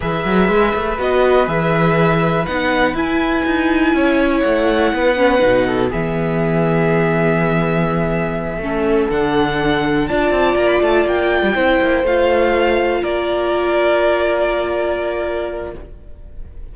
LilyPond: <<
  \new Staff \with { instrumentName = "violin" } { \time 4/4 \tempo 4 = 122 e''2 dis''4 e''4~ | e''4 fis''4 gis''2~ | gis''4 fis''2. | e''1~ |
e''2~ e''8 fis''4.~ | fis''8 a''4 ais''16 b''16 a''8 g''4.~ | g''8 f''2 d''4.~ | d''1 | }
  \new Staff \with { instrumentName = "violin" } { \time 4/4 b'1~ | b'1 | cis''2 b'4. a'8 | gis'1~ |
gis'4. a'2~ a'8~ | a'8 d''2. c''8~ | c''2~ c''8 ais'4.~ | ais'1 | }
  \new Staff \with { instrumentName = "viola" } { \time 4/4 gis'2 fis'4 gis'4~ | gis'4 dis'4 e'2~ | e'2~ e'8 cis'8 dis'4 | b1~ |
b4. cis'4 d'4.~ | d'8 f'2. e'8~ | e'8 f'2.~ f'8~ | f'1 | }
  \new Staff \with { instrumentName = "cello" } { \time 4/4 e8 fis8 gis8 a8 b4 e4~ | e4 b4 e'4 dis'4 | cis'4 a4 b4 b,4 | e1~ |
e4. a4 d4.~ | d8 d'8 c'8 ais8 a8 ais8. g16 c'8 | ais8 a2 ais4.~ | ais1 | }
>>